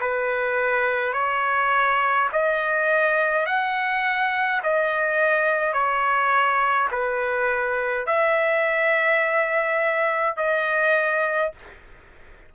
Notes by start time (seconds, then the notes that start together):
0.00 B4
1.13 C#5
2.32 D#5
3.46 F#5
4.63 D#5
5.73 C#5
6.91 B4
8.06 E5
10.36 D#5